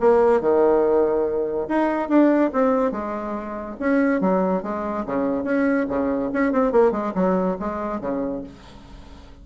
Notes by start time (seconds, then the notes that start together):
0.00 A#3
0.41 D#3
1.68 D#4
2.08 D4
2.53 C4
2.91 G#3
3.79 C#4
4.20 F#3
4.62 G#3
5.06 C#3
5.44 C#4
5.89 C#3
6.33 C#4
6.52 C4
6.72 A#3
6.91 G#3
7.15 F#3
7.59 G#3
8.01 C#3